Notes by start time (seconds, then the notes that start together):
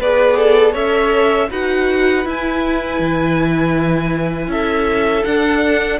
0.00 B3 G#4 B4 D5
0.37 A4
0.72 C#4 A4 C#5 E5
1.50 D#4 F#4 B4 F#5
2.25 E4 G#5
3.00 E3
4.48 C#4 A4 E5
5.25 D4 F#5